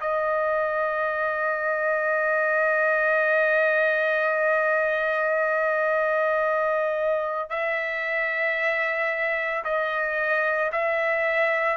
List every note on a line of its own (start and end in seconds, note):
0.00 7.49 D#5
7.49 9.63 E5
9.64 10.71 D#5
10.72 11.77 E5